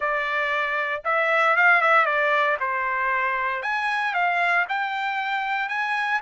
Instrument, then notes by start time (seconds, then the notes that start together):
trumpet
0.00 D5
1.04 E5
1.56 F5
1.81 E5
2.05 D5
2.60 C5
3.62 G#5
4.14 F5
4.68 G5
5.68 G#5